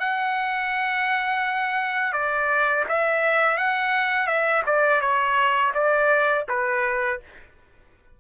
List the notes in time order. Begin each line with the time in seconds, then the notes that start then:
0.00 F#5
2.13 D5
2.89 E5
3.57 F#5
4.27 E5
4.67 D5
5.01 C#5
5.74 D5
6.49 B4